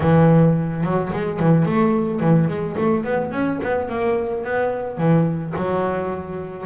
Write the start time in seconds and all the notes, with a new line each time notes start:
0.00 E3
0.83 F#3
1.12 G#3
1.39 E3
1.65 A3
2.20 E3
2.48 G#3
2.77 A3
3.04 B3
3.31 C#4
3.62 B3
3.88 A#3
4.43 B3
4.97 E3
5.56 F#3